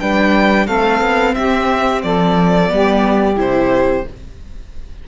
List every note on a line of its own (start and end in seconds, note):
0.00 0.68 G3
0.00 0.68 D4
0.00 0.66 B4
0.00 0.67 G5
0.66 1.01 A3
0.66 2.68 C4
0.66 1.34 A4
0.66 1.35 F5
1.01 1.35 B3
1.35 2.03 C4
1.35 2.04 G4
1.35 2.02 E5
2.03 2.71 F3
2.03 2.72 A4
2.03 3.37 D5
2.68 3.37 G3
2.68 3.36 B3
2.68 4.08 G4
3.36 4.04 C3
3.36 4.03 E4
3.36 4.08 C5